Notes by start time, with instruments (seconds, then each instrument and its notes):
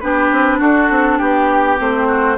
0.00 bassoon B3, clarinet D4, oboe G4, flute B4
0.31 bassoon C4
0.58 bassoon D4, oboe F#4, flute A4
0.90 bassoon C4
1.18 bassoon B3, flute G4, oboe G4
1.77 bassoon A3, clarinet C4, flute C5
2.07 oboe F#4